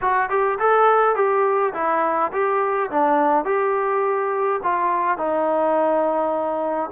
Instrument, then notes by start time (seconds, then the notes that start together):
trombone
0.01 F#4
0.29 G4
0.59 A4
1.15 G4
1.73 E4
2.32 G4
2.90 D4
3.45 G4
4.63 F4
5.17 D#4